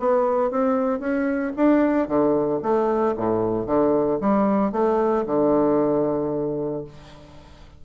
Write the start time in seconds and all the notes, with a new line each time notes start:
0.00 B3
0.51 C4
1.00 C#4
1.56 D4
2.08 D3
2.62 A3
3.17 A2
3.67 D3
4.21 G3
4.72 A3
5.27 D3